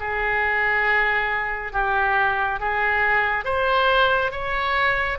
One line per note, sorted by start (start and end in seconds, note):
0.00 1.73 G#4
1.73 2.60 G4
2.60 3.45 G#4
3.45 4.32 C5
4.32 5.19 C#5